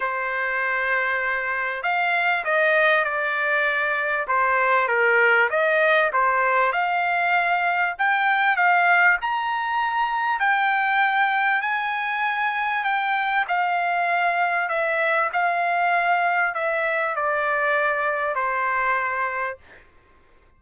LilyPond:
\new Staff \with { instrumentName = "trumpet" } { \time 4/4 \tempo 4 = 98 c''2. f''4 | dis''4 d''2 c''4 | ais'4 dis''4 c''4 f''4~ | f''4 g''4 f''4 ais''4~ |
ais''4 g''2 gis''4~ | gis''4 g''4 f''2 | e''4 f''2 e''4 | d''2 c''2 | }